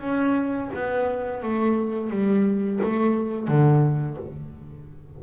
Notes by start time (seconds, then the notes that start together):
0.00 C#4
0.74 B3
1.42 A3
2.10 G3
2.83 A3
3.47 D3